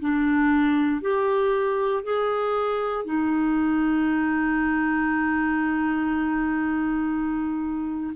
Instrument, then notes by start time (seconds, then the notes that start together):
clarinet
0.00 D4
1.01 G4
2.03 G#4
3.05 D#4